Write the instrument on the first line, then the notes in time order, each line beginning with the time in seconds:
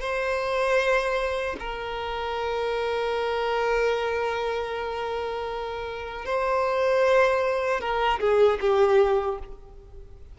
violin
0.00 C5
1.59 A#4
6.25 C5
7.80 A#4
8.20 G#4
8.60 G4